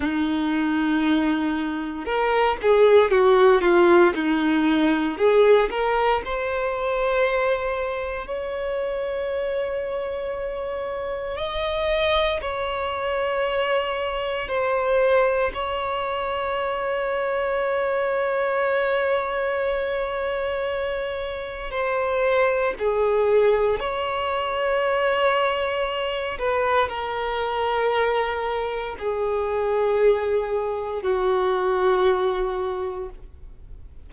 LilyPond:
\new Staff \with { instrumentName = "violin" } { \time 4/4 \tempo 4 = 58 dis'2 ais'8 gis'8 fis'8 f'8 | dis'4 gis'8 ais'8 c''2 | cis''2. dis''4 | cis''2 c''4 cis''4~ |
cis''1~ | cis''4 c''4 gis'4 cis''4~ | cis''4. b'8 ais'2 | gis'2 fis'2 | }